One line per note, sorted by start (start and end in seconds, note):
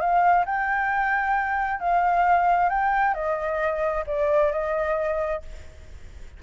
0.00 0.45 F5
0.45 1.80 G5
1.80 2.69 F5
2.69 3.14 G5
3.14 4.04 D#5
4.07 4.52 D5
4.52 5.42 D#5